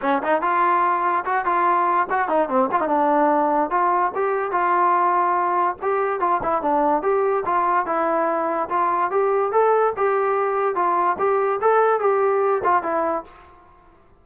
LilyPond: \new Staff \with { instrumentName = "trombone" } { \time 4/4 \tempo 4 = 145 cis'8 dis'8 f'2 fis'8 f'8~ | f'4 fis'8 dis'8 c'8 f'16 dis'16 d'4~ | d'4 f'4 g'4 f'4~ | f'2 g'4 f'8 e'8 |
d'4 g'4 f'4 e'4~ | e'4 f'4 g'4 a'4 | g'2 f'4 g'4 | a'4 g'4. f'8 e'4 | }